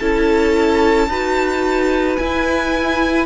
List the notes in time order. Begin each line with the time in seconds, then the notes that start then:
0.00 C#4 E4 A4 A5
1.08 D#4 F#4 B4
2.17 E4 G#5